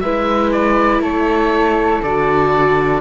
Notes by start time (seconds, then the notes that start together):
0.00 G#3 E4 B4 E5
0.52 D5
1.00 A3 A4 C#5
2.03 D3 F#4 D5